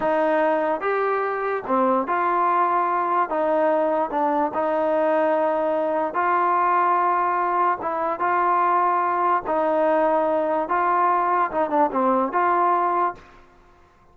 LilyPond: \new Staff \with { instrumentName = "trombone" } { \time 4/4 \tempo 4 = 146 dis'2 g'2 | c'4 f'2. | dis'2 d'4 dis'4~ | dis'2. f'4~ |
f'2. e'4 | f'2. dis'4~ | dis'2 f'2 | dis'8 d'8 c'4 f'2 | }